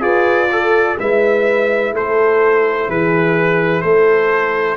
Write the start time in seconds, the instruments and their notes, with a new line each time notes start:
0.00 tuba F4, trombone G#4, horn B4, trumpet D5
0.52 trombone A4, horn A4
0.98 tuba G#3, trombone E4, horn B4, trumpet E5
1.93 tuba A3, horn A4, trumpet C5
2.89 tuba E3, horn G#4, trumpet B4
3.81 tuba A3, horn A4, trumpet C5